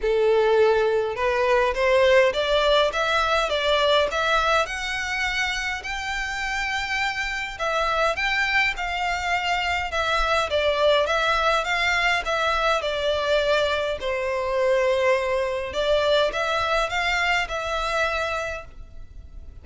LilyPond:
\new Staff \with { instrumentName = "violin" } { \time 4/4 \tempo 4 = 103 a'2 b'4 c''4 | d''4 e''4 d''4 e''4 | fis''2 g''2~ | g''4 e''4 g''4 f''4~ |
f''4 e''4 d''4 e''4 | f''4 e''4 d''2 | c''2. d''4 | e''4 f''4 e''2 | }